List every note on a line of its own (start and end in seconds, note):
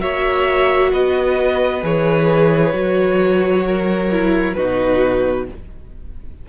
0.00 0.93 A#3
0.00 1.82 F#4
0.00 0.91 C#5
0.00 0.92 E5
0.91 1.84 B3
0.91 3.64 B4
0.91 1.84 D#5
1.83 2.74 E3
1.83 2.73 G#4
1.83 4.54 C#5
2.73 4.56 F#3
2.73 4.09 F#4
3.66 4.56 A#4
4.11 4.56 E4
4.54 5.49 B2
4.54 5.48 D#4
4.54 5.47 F#4
4.54 5.45 B4